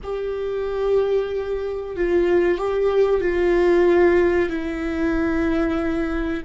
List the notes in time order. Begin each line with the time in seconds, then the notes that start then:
0.03 G4
1.96 F4
2.58 G4
3.20 F4
4.49 E4